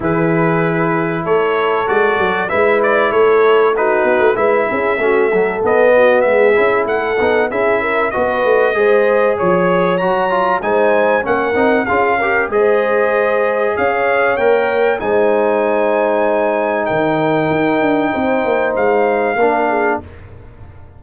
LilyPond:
<<
  \new Staff \with { instrumentName = "trumpet" } { \time 4/4 \tempo 4 = 96 b'2 cis''4 d''4 | e''8 d''8 cis''4 b'4 e''4~ | e''4 dis''4 e''4 fis''4 | e''4 dis''2 cis''4 |
ais''4 gis''4 fis''4 f''4 | dis''2 f''4 g''4 | gis''2. g''4~ | g''2 f''2 | }
  \new Staff \with { instrumentName = "horn" } { \time 4/4 gis'2 a'2 | b'4 a'4 fis'4 b'8 gis'8 | fis'8 a'4 fis'8 gis'4 a'4 | gis'8 ais'8 b'4 c''4 cis''4~ |
cis''4 c''4 ais'4 gis'8 ais'8 | c''2 cis''2 | c''2. ais'4~ | ais'4 c''2 ais'8 gis'8 | }
  \new Staff \with { instrumentName = "trombone" } { \time 4/4 e'2. fis'4 | e'2 dis'4 e'4 | cis'8 fis8 b4. e'4 dis'8 | e'4 fis'4 gis'2 |
fis'8 f'8 dis'4 cis'8 dis'8 f'8 g'8 | gis'2. ais'4 | dis'1~ | dis'2. d'4 | }
  \new Staff \with { instrumentName = "tuba" } { \time 4/4 e2 a4 gis8 fis8 | gis4 a4. b16 a16 gis8 cis'8 | a4 b4 gis8 cis'8 a8 b8 | cis'4 b8 a8 gis4 f4 |
fis4 gis4 ais8 c'8 cis'4 | gis2 cis'4 ais4 | gis2. dis4 | dis'8 d'8 c'8 ais8 gis4 ais4 | }
>>